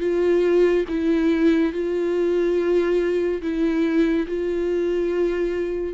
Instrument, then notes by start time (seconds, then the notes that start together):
viola
0.00 F4
0.88 E4
1.72 F4
3.42 E4
4.27 F4